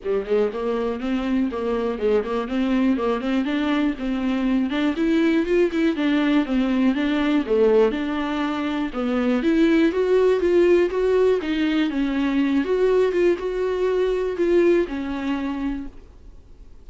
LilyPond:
\new Staff \with { instrumentName = "viola" } { \time 4/4 \tempo 4 = 121 g8 gis8 ais4 c'4 ais4 | gis8 ais8 c'4 ais8 c'8 d'4 | c'4. d'8 e'4 f'8 e'8 | d'4 c'4 d'4 a4 |
d'2 b4 e'4 | fis'4 f'4 fis'4 dis'4 | cis'4. fis'4 f'8 fis'4~ | fis'4 f'4 cis'2 | }